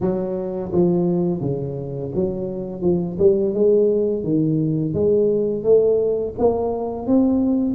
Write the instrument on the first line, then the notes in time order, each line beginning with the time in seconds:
tuba
0.01 F#3
0.72 F3
1.41 C#3
2.14 F#3
2.81 F3
3.18 G3
3.54 G#3
4.23 D#3
4.94 G#3
5.63 A3
6.38 A#3
7.06 C4